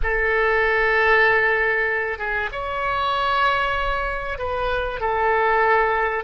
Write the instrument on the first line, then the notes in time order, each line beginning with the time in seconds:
oboe
0.03 A4
2.18 G#4
2.52 C#5
4.38 B4
5.00 A4